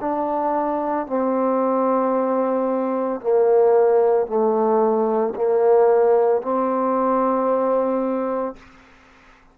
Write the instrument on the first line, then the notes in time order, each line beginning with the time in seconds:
trombone
0.00 D4
1.06 C4
3.20 A#3
4.26 A3
5.35 A#3
6.41 C4